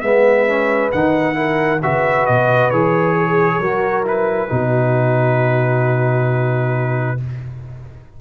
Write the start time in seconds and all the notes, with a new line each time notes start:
0.00 G#3 B3 B4 E5
0.46 C#4
0.91 D#3 D#4 F#5
1.34 E4 A#4
1.82 C#3 F#4 B4 E5
2.26 B2 D#5
2.70 E3 G#4 C#5
3.16 G#4
3.59 F#3 F#4 A#4
4.03 E4 B4
4.48 B2 D#4 F#4